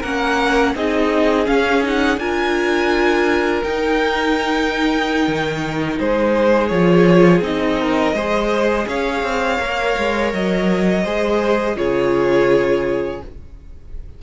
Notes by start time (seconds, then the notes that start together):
0.00 A#3 C#4 A#4 F#5
0.75 C4 D#4 G#4 D#5
1.45 C#4 F5
1.83 D#4 F#5
2.17 D4 F4 A#4 G#5
3.63 D#4 G5
5.27 D#3
5.99 G#3 G#4 C5
6.67 F3 F4 C#5
7.41 C4 D#4 D#5
7.80 A#4
8.13 G#3 G#4 C5
8.87 C#4 C#5 F5
9.23 C4
9.59 A#3 A#4
9.98 G#3
10.33 F#3 D#5
11.04 G#3 G#4 C5
11.76 C#3 F4 G#4 C#5